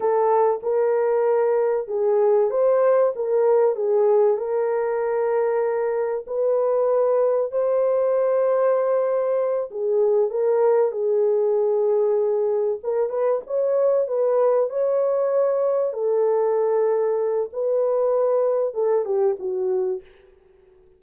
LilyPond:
\new Staff \with { instrumentName = "horn" } { \time 4/4 \tempo 4 = 96 a'4 ais'2 gis'4 | c''4 ais'4 gis'4 ais'4~ | ais'2 b'2 | c''2.~ c''8 gis'8~ |
gis'8 ais'4 gis'2~ gis'8~ | gis'8 ais'8 b'8 cis''4 b'4 cis''8~ | cis''4. a'2~ a'8 | b'2 a'8 g'8 fis'4 | }